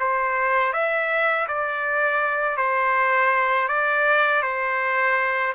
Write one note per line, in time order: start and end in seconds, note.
0.00 0.73 C5
0.73 1.47 E5
1.48 2.57 D5
2.57 3.68 C5
3.68 4.42 D5
4.42 5.53 C5